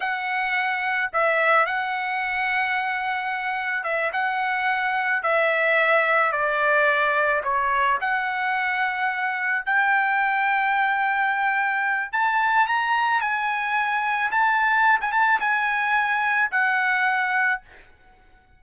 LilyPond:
\new Staff \with { instrumentName = "trumpet" } { \time 4/4 \tempo 4 = 109 fis''2 e''4 fis''4~ | fis''2. e''8 fis''8~ | fis''4. e''2 d''8~ | d''4. cis''4 fis''4.~ |
fis''4. g''2~ g''8~ | g''2 a''4 ais''4 | gis''2 a''4~ a''16 gis''16 a''8 | gis''2 fis''2 | }